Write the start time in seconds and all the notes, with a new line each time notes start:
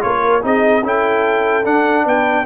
0.00 A#3 F4 A#4 C#5
0.41 C4 D#4 G#4 D#5
0.83 C#4 E4 A4 G5
1.63 D4 F#5
2.05 B3 B4 G5